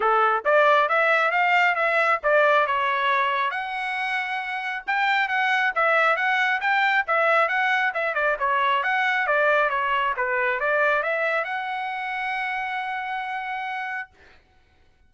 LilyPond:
\new Staff \with { instrumentName = "trumpet" } { \time 4/4 \tempo 4 = 136 a'4 d''4 e''4 f''4 | e''4 d''4 cis''2 | fis''2. g''4 | fis''4 e''4 fis''4 g''4 |
e''4 fis''4 e''8 d''8 cis''4 | fis''4 d''4 cis''4 b'4 | d''4 e''4 fis''2~ | fis''1 | }